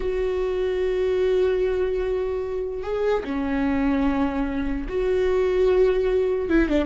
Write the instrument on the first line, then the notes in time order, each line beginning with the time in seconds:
viola
0.00 F#4
2.83 G#4
3.24 C#4
4.88 F#4
6.49 E4
6.69 D4